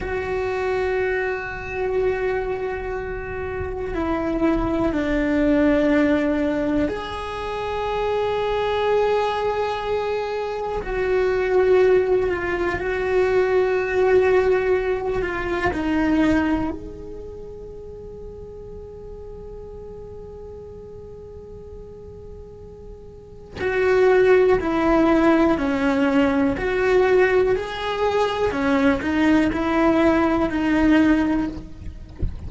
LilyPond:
\new Staff \with { instrumentName = "cello" } { \time 4/4 \tempo 4 = 61 fis'1 | e'4 d'2 gis'4~ | gis'2. fis'4~ | fis'8 f'8 fis'2~ fis'8 f'8 |
dis'4 gis'2.~ | gis'1 | fis'4 e'4 cis'4 fis'4 | gis'4 cis'8 dis'8 e'4 dis'4 | }